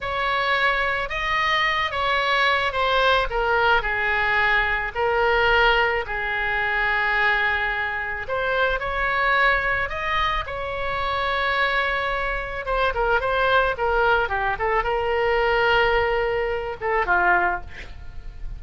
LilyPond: \new Staff \with { instrumentName = "oboe" } { \time 4/4 \tempo 4 = 109 cis''2 dis''4. cis''8~ | cis''4 c''4 ais'4 gis'4~ | gis'4 ais'2 gis'4~ | gis'2. c''4 |
cis''2 dis''4 cis''4~ | cis''2. c''8 ais'8 | c''4 ais'4 g'8 a'8 ais'4~ | ais'2~ ais'8 a'8 f'4 | }